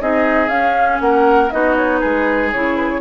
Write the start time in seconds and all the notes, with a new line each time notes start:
0.00 C4 D#4 G#4 D#5
0.48 C#4 F5
0.99 A#3 A#4 F#5
1.50 B3 D#4 F#4 D#5
1.76 C#5
1.99 G#3 G#4 B4
2.52 C#3 E4 C#5
2.76 B4
2.89 C#5